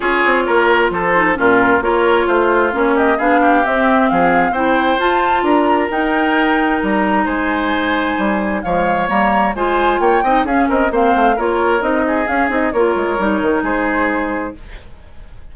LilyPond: <<
  \new Staff \with { instrumentName = "flute" } { \time 4/4 \tempo 4 = 132 cis''2 c''4 ais'4 | cis''4 c''4 cis''8 dis''8 f''4 | e''4 f''4 g''4 a''4 | ais''4 g''2 ais''4 |
gis''2. f''4 | ais''4 gis''4 g''4 f''8 dis''8 | f''4 cis''4 dis''4 f''8 dis''8 | cis''2 c''2 | }
  \new Staff \with { instrumentName = "oboe" } { \time 4/4 gis'4 ais'4 a'4 f'4 | ais'4 f'4. g'8 gis'8 g'8~ | g'4 gis'4 c''2 | ais'1 |
c''2. cis''4~ | cis''4 c''4 cis''8 dis''8 gis'8 ais'8 | c''4 ais'4. gis'4. | ais'2 gis'2 | }
  \new Staff \with { instrumentName = "clarinet" } { \time 4/4 f'2~ f'8 dis'8 cis'4 | f'2 cis'4 d'4 | c'2 e'4 f'4~ | f'4 dis'2.~ |
dis'2. gis4 | ais4 f'4. dis'8 cis'4 | c'4 f'4 dis'4 cis'8 dis'8 | f'4 dis'2. | }
  \new Staff \with { instrumentName = "bassoon" } { \time 4/4 cis'8 c'8 ais4 f4 ais,4 | ais4 a4 ais4 b4 | c'4 f4 c'4 f'4 | d'4 dis'2 g4 |
gis2 g4 f4 | g4 gis4 ais8 c'8 cis'8 c'8 | ais8 a8 ais4 c'4 cis'8 c'8 | ais8 gis8 g8 dis8 gis2 | }
>>